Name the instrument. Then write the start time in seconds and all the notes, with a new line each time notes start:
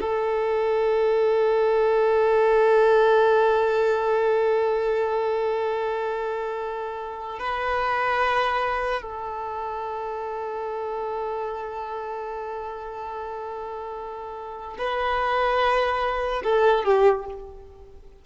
violin
0.00 A4
7.39 B4
9.01 A4
14.78 B4
16.43 A4
16.84 G4